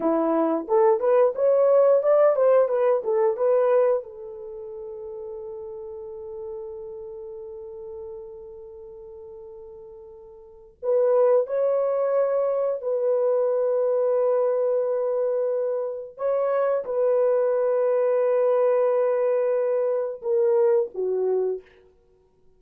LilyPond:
\new Staff \with { instrumentName = "horn" } { \time 4/4 \tempo 4 = 89 e'4 a'8 b'8 cis''4 d''8 c''8 | b'8 a'8 b'4 a'2~ | a'1~ | a'1 |
b'4 cis''2 b'4~ | b'1 | cis''4 b'2.~ | b'2 ais'4 fis'4 | }